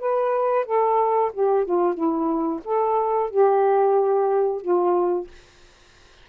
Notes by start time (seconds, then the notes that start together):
0.00 B4
0.66 A4
1.33 G4
1.65 F4
1.95 E4
2.65 A4
3.31 G4
4.62 F4